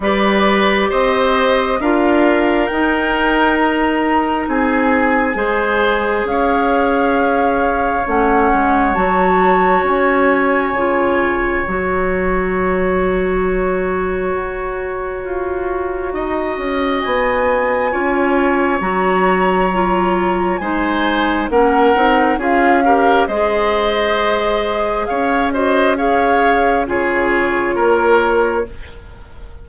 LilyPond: <<
  \new Staff \with { instrumentName = "flute" } { \time 4/4 \tempo 4 = 67 d''4 dis''4 f''4 g''4 | ais''4 gis''2 f''4~ | f''4 fis''4 a''4 gis''4~ | gis''4 ais''2.~ |
ais''2. gis''4~ | gis''4 ais''2 gis''4 | fis''4 f''4 dis''2 | f''8 dis''8 f''4 cis''2 | }
  \new Staff \with { instrumentName = "oboe" } { \time 4/4 b'4 c''4 ais'2~ | ais'4 gis'4 c''4 cis''4~ | cis''1~ | cis''1~ |
cis''2 dis''2 | cis''2. c''4 | ais'4 gis'8 ais'8 c''2 | cis''8 c''8 cis''4 gis'4 ais'4 | }
  \new Staff \with { instrumentName = "clarinet" } { \time 4/4 g'2 f'4 dis'4~ | dis'2 gis'2~ | gis'4 cis'4 fis'2 | f'4 fis'2.~ |
fis'1 | f'4 fis'4 f'4 dis'4 | cis'8 dis'8 f'8 g'8 gis'2~ | gis'8 fis'8 gis'4 f'2 | }
  \new Staff \with { instrumentName = "bassoon" } { \time 4/4 g4 c'4 d'4 dis'4~ | dis'4 c'4 gis4 cis'4~ | cis'4 a8 gis8 fis4 cis'4 | cis4 fis2. |
fis'4 f'4 dis'8 cis'8 b4 | cis'4 fis2 gis4 | ais8 c'8 cis'4 gis2 | cis'2 cis4 ais4 | }
>>